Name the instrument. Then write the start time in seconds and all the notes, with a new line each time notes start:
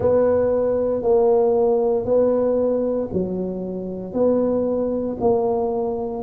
tuba
0.00 B3
1.02 A#3
2.05 B3
3.12 F#3
4.13 B3
5.20 A#3